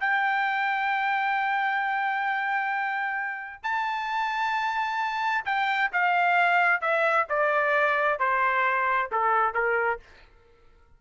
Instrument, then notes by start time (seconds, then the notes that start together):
trumpet
0.00 G5
3.63 A5
5.45 G5
5.92 F5
6.81 E5
7.29 D5
8.19 C5
9.12 A4
9.54 A#4